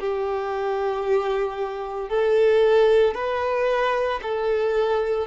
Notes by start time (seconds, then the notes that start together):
0.00 G4
2.10 A4
3.15 B4
4.23 A4